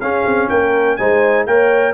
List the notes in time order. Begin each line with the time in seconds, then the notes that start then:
0.00 C#4 G#4 F5
0.25 C4
0.49 A#3 A#4 G5
0.96 G#3 D#4 C5 G#5
1.46 A#3 A#4 C#5 G5